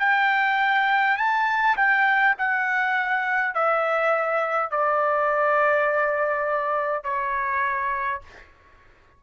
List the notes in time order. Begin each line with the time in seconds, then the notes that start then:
0.00 G5
1.18 A5
1.77 G5
2.39 F#5
3.55 E5
4.71 D5
7.04 C#5